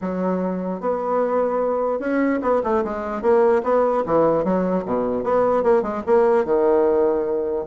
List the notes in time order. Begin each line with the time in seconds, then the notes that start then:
0.01 F#3
0.80 B3
1.99 C#4
2.42 B3
2.63 A3
2.84 G#3
3.21 A#3
3.63 B3
4.06 E3
4.44 F#3
4.85 B2
5.23 B3
5.63 A#3
5.82 G#3
6.06 A#3
6.44 D#3